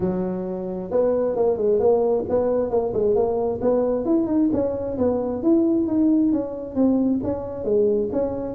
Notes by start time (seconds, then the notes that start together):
0.00 F#3
0.90 B3
1.36 A#3
1.57 G#3
1.79 A#3
2.29 B3
2.70 A#3
2.93 G#3
3.15 A#3
3.61 B3
4.05 E4
4.27 D#4
4.52 C#4
4.98 B3
5.43 E4
5.87 D#4
6.32 C#4
6.75 C4
7.23 C#4
7.64 G#3
8.12 C#4